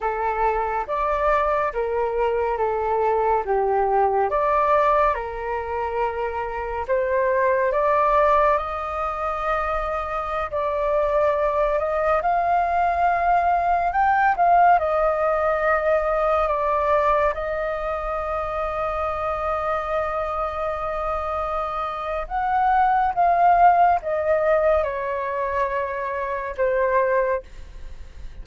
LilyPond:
\new Staff \with { instrumentName = "flute" } { \time 4/4 \tempo 4 = 70 a'4 d''4 ais'4 a'4 | g'4 d''4 ais'2 | c''4 d''4 dis''2~ | dis''16 d''4. dis''8 f''4.~ f''16~ |
f''16 g''8 f''8 dis''2 d''8.~ | d''16 dis''2.~ dis''8.~ | dis''2 fis''4 f''4 | dis''4 cis''2 c''4 | }